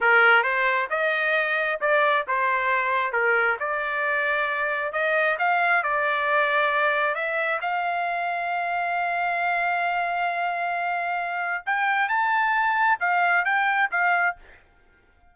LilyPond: \new Staff \with { instrumentName = "trumpet" } { \time 4/4 \tempo 4 = 134 ais'4 c''4 dis''2 | d''4 c''2 ais'4 | d''2. dis''4 | f''4 d''2. |
e''4 f''2.~ | f''1~ | f''2 g''4 a''4~ | a''4 f''4 g''4 f''4 | }